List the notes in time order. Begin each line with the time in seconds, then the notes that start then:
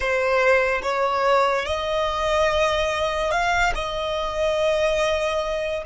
0.00 C5
0.82 C#5
1.65 D#5
3.31 F5
3.74 D#5